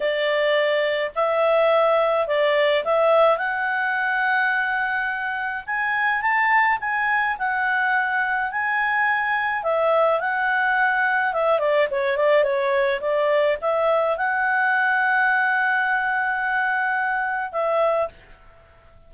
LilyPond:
\new Staff \with { instrumentName = "clarinet" } { \time 4/4 \tempo 4 = 106 d''2 e''2 | d''4 e''4 fis''2~ | fis''2 gis''4 a''4 | gis''4 fis''2 gis''4~ |
gis''4 e''4 fis''2 | e''8 d''8 cis''8 d''8 cis''4 d''4 | e''4 fis''2.~ | fis''2. e''4 | }